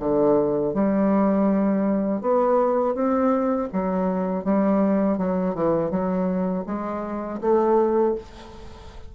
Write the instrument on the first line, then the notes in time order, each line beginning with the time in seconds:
bassoon
0.00 D3
0.74 G3
2.21 B3
2.95 C4
3.73 F#3
4.44 G3
5.18 F#3
5.55 E3
5.91 F#3
6.67 G#3
7.41 A3